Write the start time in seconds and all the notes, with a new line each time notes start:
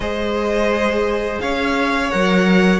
0.00 G#3 G#4 C5 D#5
1.40 C#4 C#5 F5
2.11 F#3 A#4 F#5